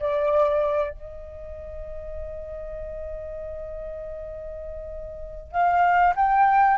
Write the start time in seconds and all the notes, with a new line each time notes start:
0.00 D5
0.91 D#5
5.52 F5
6.16 G5